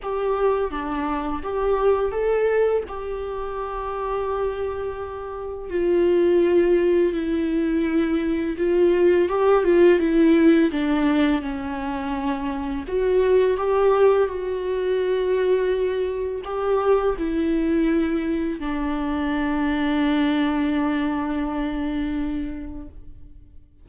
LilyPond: \new Staff \with { instrumentName = "viola" } { \time 4/4 \tempo 4 = 84 g'4 d'4 g'4 a'4 | g'1 | f'2 e'2 | f'4 g'8 f'8 e'4 d'4 |
cis'2 fis'4 g'4 | fis'2. g'4 | e'2 d'2~ | d'1 | }